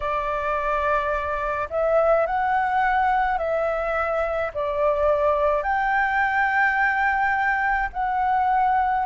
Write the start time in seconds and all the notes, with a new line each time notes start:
0.00 D5
1.70 E5
2.26 F#5
3.38 E5
4.53 D5
5.62 G5
7.92 F#5